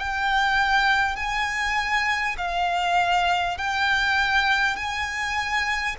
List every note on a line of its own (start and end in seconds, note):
0.00 1.17 G5
1.17 2.37 G#5
2.38 3.58 F5
3.58 4.77 G5
4.77 5.97 G#5